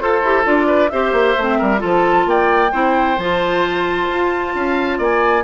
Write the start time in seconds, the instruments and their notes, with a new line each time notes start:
0.00 bassoon F4, clarinet A4, oboe A4, flute C5
0.22 bassoon E4, clarinet G4
0.44 bassoon D4, clarinet F4, flute D5
0.67 oboe B4
0.90 bassoon C4, clarinet G4, oboe C5, flute E5
1.12 bassoon A#3
1.37 bassoon A3, clarinet C4
1.59 bassoon G3, oboe A#4
1.79 bassoon F3, clarinet F4, oboe A4
1.85 flute A5
2.26 bassoon A#3, oboe D5, flute G5
2.72 bassoon C4, clarinet E4, oboe C5
3.18 bassoon F3, clarinet F4, flute A5
4.10 bassoon F4
4.55 bassoon C#4, oboe F5
4.98 bassoon A#3, oboe D5, flute G#5